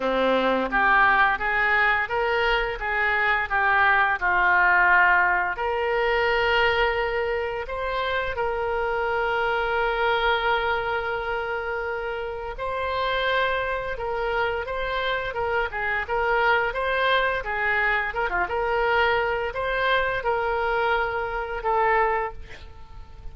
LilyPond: \new Staff \with { instrumentName = "oboe" } { \time 4/4 \tempo 4 = 86 c'4 g'4 gis'4 ais'4 | gis'4 g'4 f'2 | ais'2. c''4 | ais'1~ |
ais'2 c''2 | ais'4 c''4 ais'8 gis'8 ais'4 | c''4 gis'4 ais'16 f'16 ais'4. | c''4 ais'2 a'4 | }